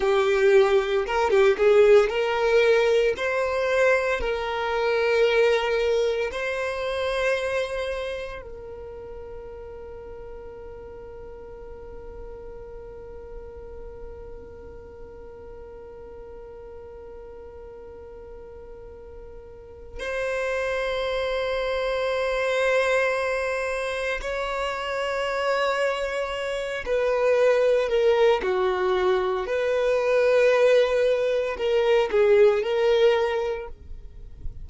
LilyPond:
\new Staff \with { instrumentName = "violin" } { \time 4/4 \tempo 4 = 57 g'4 ais'16 g'16 gis'8 ais'4 c''4 | ais'2 c''2 | ais'1~ | ais'1~ |
ais'2. c''4~ | c''2. cis''4~ | cis''4. b'4 ais'8 fis'4 | b'2 ais'8 gis'8 ais'4 | }